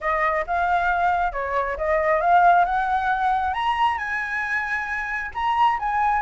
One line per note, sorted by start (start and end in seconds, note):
0.01 0.45 D#5
0.47 1.32 F5
1.32 1.76 C#5
1.77 2.21 D#5
2.21 2.64 F5
2.64 3.53 F#5
3.53 3.98 A#5
3.98 5.31 G#5
5.34 5.78 A#5
5.79 6.21 G#5